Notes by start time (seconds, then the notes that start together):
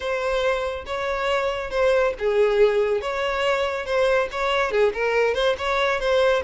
0.00 C5
0.86 C#5
1.70 C5
2.18 G#4
3.01 C#5
3.85 C5
4.31 C#5
4.71 G#4
4.93 A#4
5.34 C5
5.58 C#5
6.00 C5